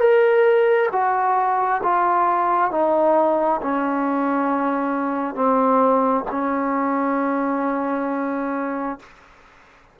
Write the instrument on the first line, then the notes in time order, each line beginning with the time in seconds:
trombone
0.00 A#4
0.92 F#4
1.83 F4
2.71 D#4
3.62 C#4
5.35 C4
6.31 C#4